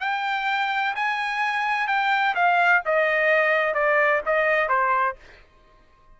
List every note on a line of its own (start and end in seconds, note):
0.00 0.94 G5
0.95 1.87 G#5
1.87 2.35 G5
2.35 2.82 F5
2.85 3.74 D#5
3.74 4.21 D5
4.26 4.69 D#5
4.69 5.16 C5